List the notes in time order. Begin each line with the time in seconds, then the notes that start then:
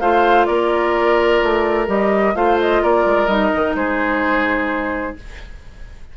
0.00 A3 F4 C5 F5
0.46 A#3 A#4 D5
1.43 A3
1.87 G3 G4 D#5
2.35 A3 F4 C5 F5
2.60 D#5
2.83 A#3 A#4 D5
3.05 G#3
3.27 G3 D#4 D#5
3.55 D#3
3.75 G#3 G#4 C5